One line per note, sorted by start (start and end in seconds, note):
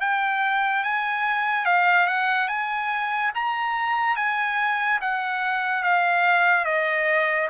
0.00 0.83 G5
0.83 1.65 G#5
1.65 2.06 F5
2.06 2.48 F#5
2.48 3.31 G#5
3.34 4.16 A#5
4.16 4.99 G#5
5.01 5.83 F#5
5.83 6.64 F5
6.64 7.48 D#5